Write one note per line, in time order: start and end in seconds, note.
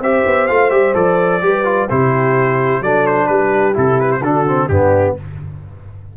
0.00 0.23 C4
0.00 0.49 G4
0.00 1.43 C5
0.00 0.47 E5
0.25 0.49 B3
0.47 0.70 A3
0.47 0.70 F4
0.47 0.70 F5
0.70 0.94 G3
0.70 0.93 G4
0.70 0.94 E5
0.93 1.41 F3
0.93 1.40 A4
0.93 1.88 D5
1.41 1.88 G3
1.41 1.64 G4
1.41 1.90 B4
1.64 1.88 F4
1.89 2.80 C3
1.89 2.83 E4
1.89 2.82 G4
1.89 2.83 C5
2.80 3.27 F#3
2.80 3.73 D4
2.80 3.29 A4
2.80 3.06 D5
3.06 3.26 C5
3.26 3.76 G3
3.26 4.21 G4
3.26 3.73 B4
3.73 4.21 C3
3.73 4.20 E4
3.73 4.00 A4
4.00 4.11 B4
4.11 4.23 C5
4.21 4.68 D3
4.21 4.46 D4
4.21 4.68 F#4
4.21 4.68 A4
4.46 4.70 C4
4.68 5.15 G2
4.68 5.17 B3
4.68 5.16 D4
4.68 5.15 G4